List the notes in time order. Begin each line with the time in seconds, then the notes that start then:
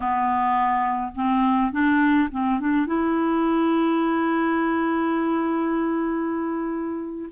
0.00 B3
1.15 C4
1.71 D4
2.31 C4
2.59 D4
2.86 E4